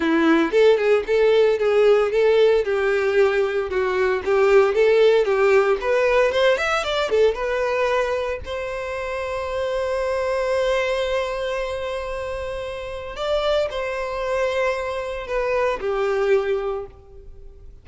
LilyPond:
\new Staff \with { instrumentName = "violin" } { \time 4/4 \tempo 4 = 114 e'4 a'8 gis'8 a'4 gis'4 | a'4 g'2 fis'4 | g'4 a'4 g'4 b'4 | c''8 e''8 d''8 a'8 b'2 |
c''1~ | c''1~ | c''4 d''4 c''2~ | c''4 b'4 g'2 | }